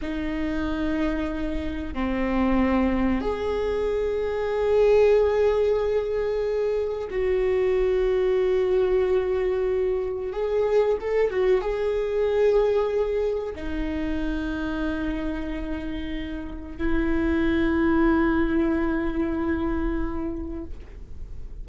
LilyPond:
\new Staff \with { instrumentName = "viola" } { \time 4/4 \tempo 4 = 93 dis'2. c'4~ | c'4 gis'2.~ | gis'2. fis'4~ | fis'1 |
gis'4 a'8 fis'8 gis'2~ | gis'4 dis'2.~ | dis'2 e'2~ | e'1 | }